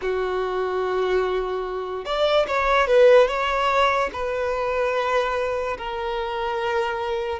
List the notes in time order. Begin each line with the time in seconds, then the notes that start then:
0.01 F#4
2.05 D5
2.47 C#5
2.87 B4
3.27 C#5
4.12 B4
5.77 A#4